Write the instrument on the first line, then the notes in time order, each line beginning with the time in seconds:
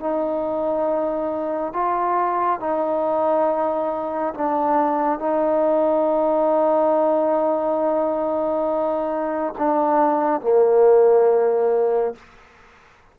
trombone
0.00 D#4
1.73 F4
2.60 D#4
4.34 D4
5.19 D#4
9.58 D4
10.42 A#3